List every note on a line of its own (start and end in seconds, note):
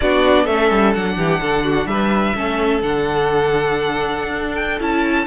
0.00 0.47 B3
0.00 0.48 D4
0.00 0.43 F#4
0.00 0.46 D5
0.43 0.71 A3
0.43 0.95 C#4
0.43 1.14 A4
0.43 0.93 E5
0.71 0.94 G3
0.93 1.17 F#3
0.93 2.35 D4
0.93 1.87 F#5
1.17 1.40 E3
1.17 1.40 G4
1.41 1.85 D3
1.41 1.64 A4
1.64 1.87 F#4
1.85 2.32 G3
1.85 2.36 B4
1.85 2.80 E5
2.35 2.82 A3
2.35 2.82 C#4
2.35 5.26 A4
2.82 4.22 D3
2.82 4.79 D4
2.82 4.55 F#5
4.22 4.80 D4
4.55 4.78 G5
4.79 5.26 C#4
4.79 5.26 E4
4.79 5.26 A5